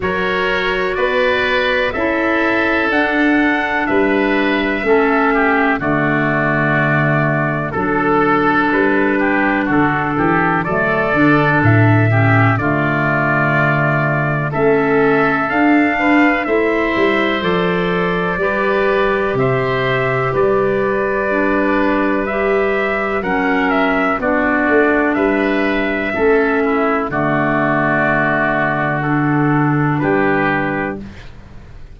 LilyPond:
<<
  \new Staff \with { instrumentName = "trumpet" } { \time 4/4 \tempo 4 = 62 cis''4 d''4 e''4 fis''4 | e''2 d''2 | a'4 b'4 a'4 d''4 | e''4 d''2 e''4 |
f''4 e''4 d''2 | e''4 d''2 e''4 | fis''8 e''8 d''4 e''2 | d''2 a'4 b'4 | }
  \new Staff \with { instrumentName = "oboe" } { \time 4/4 ais'4 b'4 a'2 | b'4 a'8 g'8 fis'2 | a'4. g'8 fis'8 g'8 a'4~ | a'8 g'8 f'2 a'4~ |
a'8 b'8 c''2 b'4 | c''4 b'2. | ais'4 fis'4 b'4 a'8 e'8 | fis'2. g'4 | }
  \new Staff \with { instrumentName = "clarinet" } { \time 4/4 fis'2 e'4 d'4~ | d'4 cis'4 a2 | d'2. a8 d'8~ | d'8 cis'8 a2 cis'4 |
d'4 e'4 a'4 g'4~ | g'2 d'4 g'4 | cis'4 d'2 cis'4 | a2 d'2 | }
  \new Staff \with { instrumentName = "tuba" } { \time 4/4 fis4 b4 cis'4 d'4 | g4 a4 d2 | fis4 g4 d8 e8 fis8 d8 | a,4 d2 a4 |
d'4 a8 g8 f4 g4 | c4 g2. | fis4 b8 a8 g4 a4 | d2. g4 | }
>>